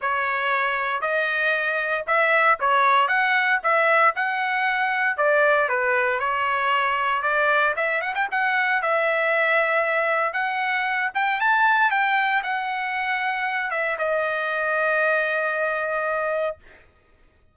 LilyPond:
\new Staff \with { instrumentName = "trumpet" } { \time 4/4 \tempo 4 = 116 cis''2 dis''2 | e''4 cis''4 fis''4 e''4 | fis''2 d''4 b'4 | cis''2 d''4 e''8 fis''16 g''16 |
fis''4 e''2. | fis''4. g''8 a''4 g''4 | fis''2~ fis''8 e''8 dis''4~ | dis''1 | }